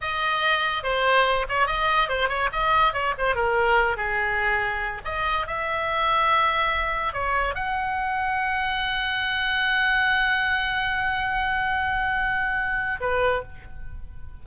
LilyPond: \new Staff \with { instrumentName = "oboe" } { \time 4/4 \tempo 4 = 143 dis''2 c''4. cis''8 | dis''4 c''8 cis''8 dis''4 cis''8 c''8 | ais'4. gis'2~ gis'8 | dis''4 e''2.~ |
e''4 cis''4 fis''2~ | fis''1~ | fis''1~ | fis''2. b'4 | }